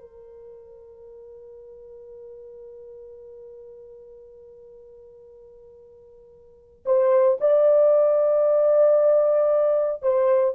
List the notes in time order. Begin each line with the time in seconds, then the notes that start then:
0.00 A#4
6.85 C5
7.40 D5
10.02 C5